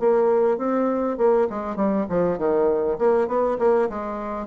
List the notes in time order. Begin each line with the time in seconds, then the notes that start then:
0.00 A#3
0.58 C4
1.18 A#3
1.50 G#3
1.76 G3
2.09 F3
2.38 D#3
2.99 A#3
3.28 B3
3.59 A#3
3.89 G#3